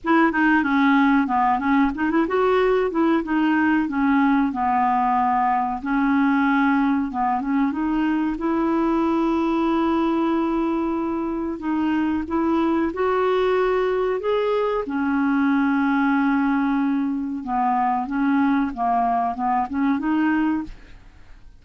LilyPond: \new Staff \with { instrumentName = "clarinet" } { \time 4/4 \tempo 4 = 93 e'8 dis'8 cis'4 b8 cis'8 dis'16 e'16 fis'8~ | fis'8 e'8 dis'4 cis'4 b4~ | b4 cis'2 b8 cis'8 | dis'4 e'2.~ |
e'2 dis'4 e'4 | fis'2 gis'4 cis'4~ | cis'2. b4 | cis'4 ais4 b8 cis'8 dis'4 | }